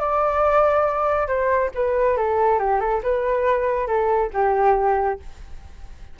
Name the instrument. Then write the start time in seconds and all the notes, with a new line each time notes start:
flute
0.00 D5
1.28 C5
1.75 B4
2.17 A4
2.59 G4
2.80 A4
3.03 B4
3.87 A4
4.34 G4